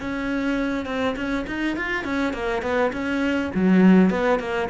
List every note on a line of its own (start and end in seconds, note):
0.00 0.86 C#4
0.86 1.15 C4
1.16 1.45 C#4
1.47 1.76 D#4
1.76 2.04 F4
2.04 2.33 C#4
2.33 2.62 A#3
2.62 2.91 B3
2.93 3.51 C#4
3.55 4.10 F#3
4.10 4.39 B3
4.39 4.68 A#3